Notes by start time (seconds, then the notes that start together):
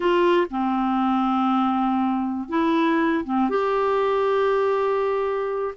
0.00 F4
0.50 C4
2.49 E4
3.24 C4
3.49 G4